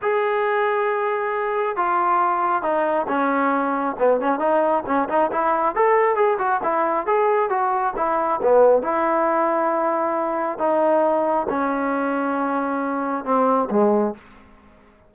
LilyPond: \new Staff \with { instrumentName = "trombone" } { \time 4/4 \tempo 4 = 136 gis'1 | f'2 dis'4 cis'4~ | cis'4 b8 cis'8 dis'4 cis'8 dis'8 | e'4 a'4 gis'8 fis'8 e'4 |
gis'4 fis'4 e'4 b4 | e'1 | dis'2 cis'2~ | cis'2 c'4 gis4 | }